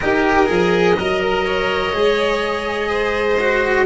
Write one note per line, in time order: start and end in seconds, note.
0.00 0.49 D#4
0.00 0.46 G4
0.00 0.96 A#4
0.00 3.85 D#5
0.46 0.97 F3
0.46 0.95 G#4
0.99 1.93 F#3
0.99 1.93 A#4
0.99 1.22 D#5
1.22 1.45 A#4
1.45 2.89 C#5
1.93 3.85 G#3
1.93 3.38 G#4
2.89 3.85 C5
3.39 3.85 F#4